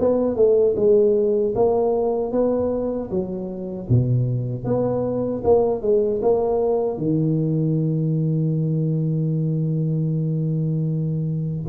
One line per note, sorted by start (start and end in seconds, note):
0.00 0.36 B3
0.36 0.75 A3
0.77 1.54 G#3
1.56 2.32 A#3
2.32 3.10 B3
3.11 3.89 F#3
3.90 4.65 B2
4.65 5.43 B3
5.44 5.82 A#3
5.82 6.21 G#3
6.22 6.98 A#3
6.98 11.65 D#3